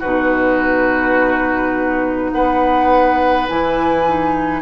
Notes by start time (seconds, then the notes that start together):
0.00 B2 D#4 F#4 B4
2.31 B3 B4 F#5
3.49 E3 E4 G#5
4.07 D#4